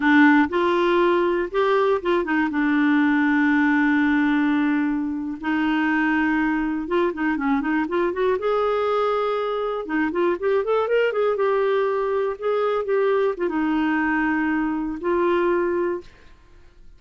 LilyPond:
\new Staff \with { instrumentName = "clarinet" } { \time 4/4 \tempo 4 = 120 d'4 f'2 g'4 | f'8 dis'8 d'2.~ | d'2~ d'8. dis'4~ dis'16~ | dis'4.~ dis'16 f'8 dis'8 cis'8 dis'8 f'16~ |
f'16 fis'8 gis'2. dis'16~ | dis'16 f'8 g'8 a'8 ais'8 gis'8 g'4~ g'16~ | g'8. gis'4 g'4 f'16 dis'4~ | dis'2 f'2 | }